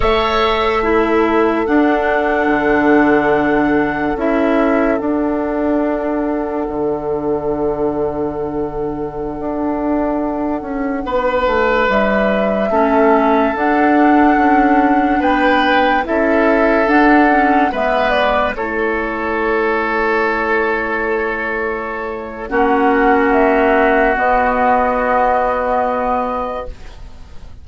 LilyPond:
<<
  \new Staff \with { instrumentName = "flute" } { \time 4/4 \tempo 4 = 72 e''2 fis''2~ | fis''4 e''4 fis''2~ | fis''1~ | fis''2~ fis''16 e''4.~ e''16~ |
e''16 fis''2 g''4 e''8.~ | e''16 fis''4 e''8 d''8 cis''4.~ cis''16~ | cis''2. fis''4 | e''4 dis''2. | }
  \new Staff \with { instrumentName = "oboe" } { \time 4/4 cis''4 a'2.~ | a'1~ | a'1~ | a'4~ a'16 b'2 a'8.~ |
a'2~ a'16 b'4 a'8.~ | a'4~ a'16 b'4 a'4.~ a'16~ | a'2. fis'4~ | fis'1 | }
  \new Staff \with { instrumentName = "clarinet" } { \time 4/4 a'4 e'4 d'2~ | d'4 e'4 d'2~ | d'1~ | d'2.~ d'16 cis'8.~ |
cis'16 d'2. e'8.~ | e'16 d'8 cis'8 b4 e'4.~ e'16~ | e'2. cis'4~ | cis'4 b2. | }
  \new Staff \with { instrumentName = "bassoon" } { \time 4/4 a2 d'4 d4~ | d4 cis'4 d'2 | d2.~ d16 d'8.~ | d'8. cis'8 b8 a8 g4 a8.~ |
a16 d'4 cis'4 b4 cis'8.~ | cis'16 d'4 gis4 a4.~ a16~ | a2. ais4~ | ais4 b2. | }
>>